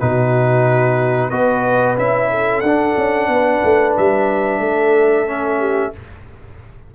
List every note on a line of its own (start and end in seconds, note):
0.00 1.31 B2
0.00 1.31 D#4
0.00 1.31 F#4
0.00 1.30 B4
1.30 1.97 B3
1.30 1.97 F#4
1.30 2.30 B4
1.30 1.96 D#5
1.97 2.62 C#4
1.97 2.64 E4
1.97 2.61 E5
2.30 3.29 A4
2.61 2.95 D4
2.61 5.27 D4
2.61 3.93 F#5
2.97 3.28 C#4
3.28 3.61 B3
3.28 4.62 B4
3.64 3.97 A3
3.97 4.60 G3
3.97 5.95 E5
4.60 5.91 A3
4.60 5.59 A4
5.27 5.93 C#4
5.59 5.92 G4